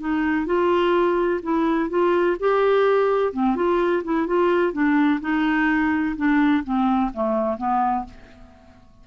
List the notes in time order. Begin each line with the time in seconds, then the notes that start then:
0.00 D#4
0.46 F4
1.43 E4
1.90 F4
2.39 G4
3.33 C4
3.56 F4
4.04 E4
4.27 F4
4.73 D4
5.21 D#4
6.16 D4
6.64 C4
7.14 A3
7.58 B3